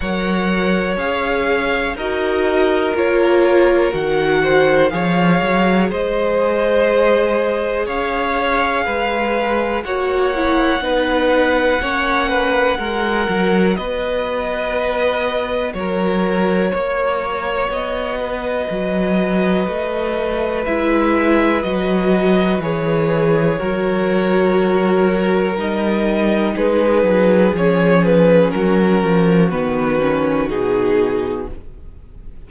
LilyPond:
<<
  \new Staff \with { instrumentName = "violin" } { \time 4/4 \tempo 4 = 61 fis''4 f''4 dis''4 cis''4 | fis''4 f''4 dis''2 | f''2 fis''2~ | fis''2 dis''2 |
cis''2 dis''2~ | dis''4 e''4 dis''4 cis''4~ | cis''2 dis''4 b'4 | cis''8 b'8 ais'4 b'4 gis'4 | }
  \new Staff \with { instrumentName = "violin" } { \time 4/4 cis''2 ais'2~ | ais'8 c''8 cis''4 c''2 | cis''4 b'4 cis''4 b'4 | cis''8 b'8 ais'4 b'2 |
ais'4 cis''4. b'4.~ | b'1 | ais'2. gis'4~ | gis'4 fis'2. | }
  \new Staff \with { instrumentName = "viola" } { \time 4/4 ais'4 gis'4 fis'4 f'4 | fis'4 gis'2.~ | gis'2 fis'8 e'8 dis'4 | cis'4 fis'2.~ |
fis'1~ | fis'4 e'4 fis'4 gis'4 | fis'2 dis'2 | cis'2 b8 cis'8 dis'4 | }
  \new Staff \with { instrumentName = "cello" } { \time 4/4 fis4 cis'4 dis'4 ais4 | dis4 f8 fis8 gis2 | cis'4 gis4 ais4 b4 | ais4 gis8 fis8 b2 |
fis4 ais4 b4 fis4 | a4 gis4 fis4 e4 | fis2 g4 gis8 fis8 | f4 fis8 f8 dis4 b,4 | }
>>